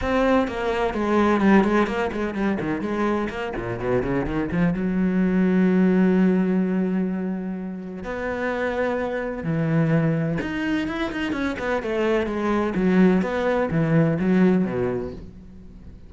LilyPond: \new Staff \with { instrumentName = "cello" } { \time 4/4 \tempo 4 = 127 c'4 ais4 gis4 g8 gis8 | ais8 gis8 g8 dis8 gis4 ais8 ais,8 | b,8 cis8 dis8 f8 fis2~ | fis1~ |
fis4 b2. | e2 dis'4 e'8 dis'8 | cis'8 b8 a4 gis4 fis4 | b4 e4 fis4 b,4 | }